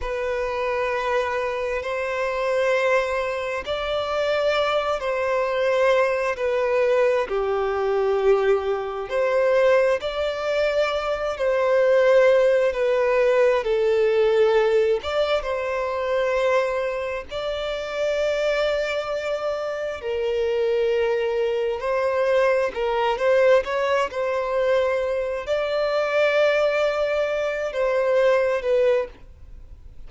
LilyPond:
\new Staff \with { instrumentName = "violin" } { \time 4/4 \tempo 4 = 66 b'2 c''2 | d''4. c''4. b'4 | g'2 c''4 d''4~ | d''8 c''4. b'4 a'4~ |
a'8 d''8 c''2 d''4~ | d''2 ais'2 | c''4 ais'8 c''8 cis''8 c''4. | d''2~ d''8 c''4 b'8 | }